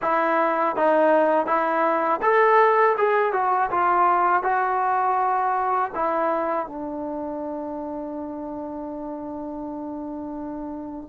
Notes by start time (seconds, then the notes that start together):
0.02 E4
0.76 D#4
1.46 E4
2.22 A4
2.97 G#4
3.32 F#4
3.70 F4
4.42 F#4
5.94 E4
6.66 D4